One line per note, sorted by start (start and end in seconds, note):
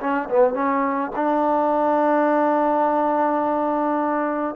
0.00 0.29 C#4
0.29 0.54 B3
0.54 1.11 C#4
1.15 4.55 D4